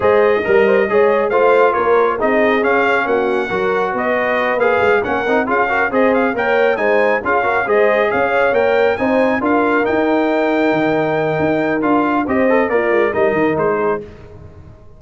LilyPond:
<<
  \new Staff \with { instrumentName = "trumpet" } { \time 4/4 \tempo 4 = 137 dis''2. f''4 | cis''4 dis''4 f''4 fis''4~ | fis''4 dis''4. f''4 fis''8~ | fis''8 f''4 dis''8 f''8 g''4 gis''8~ |
gis''8 f''4 dis''4 f''4 g''8~ | g''8 gis''4 f''4 g''4.~ | g''2. f''4 | dis''4 d''4 dis''4 c''4 | }
  \new Staff \with { instrumentName = "horn" } { \time 4/4 c''4 ais'8 c''8 cis''4 c''4 | ais'4 gis'2 fis'4 | ais'4 b'2~ b'8 ais'8~ | ais'8 gis'8 ais'8 c''4 cis''4 c''8~ |
c''8 gis'8 ais'8 c''4 cis''4.~ | cis''8 c''4 ais'2~ ais'8~ | ais'1 | c''4 f'4 ais'4. gis'8 | }
  \new Staff \with { instrumentName = "trombone" } { \time 4/4 gis'4 ais'4 gis'4 f'4~ | f'4 dis'4 cis'2 | fis'2~ fis'8 gis'4 cis'8 | dis'8 f'8 fis'8 gis'4 ais'4 dis'8~ |
dis'8 f'8 fis'8 gis'2 ais'8~ | ais'8 dis'4 f'4 dis'4.~ | dis'2. f'4 | g'8 a'8 ais'4 dis'2 | }
  \new Staff \with { instrumentName = "tuba" } { \time 4/4 gis4 g4 gis4 a4 | ais4 c'4 cis'4 ais4 | fis4 b4. ais8 gis8 ais8 | c'8 cis'4 c'4 ais4 gis8~ |
gis8 cis'4 gis4 cis'4 ais8~ | ais8 c'4 d'4 dis'4.~ | dis'8 dis4. dis'4 d'4 | c'4 ais8 gis8 g8 dis8 gis4 | }
>>